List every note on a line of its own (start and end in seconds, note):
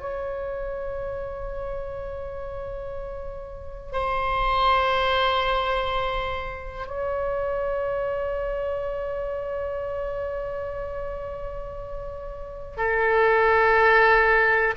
0.00 3.93 C#5
3.93 6.87 C5
6.87 12.77 C#5
12.77 14.74 A4